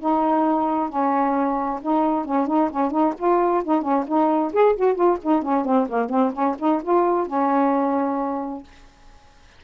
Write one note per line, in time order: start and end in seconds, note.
0.00 0.89 D#4
0.89 1.80 C#4
1.82 2.25 D#4
2.25 2.47 C#4
2.47 2.70 D#4
2.70 2.91 C#4
2.91 3.14 D#4
3.18 3.63 F4
3.64 3.82 D#4
3.82 4.04 C#4
4.07 4.53 D#4
4.53 4.76 G#4
4.76 4.95 F#4
4.95 5.18 F4
5.23 5.42 D#4
5.42 5.65 C#4
5.65 5.88 C4
5.89 6.09 A#3
6.09 6.32 C4
6.33 6.56 C#4
6.59 6.82 D#4
6.83 7.27 F4
7.27 8.63 C#4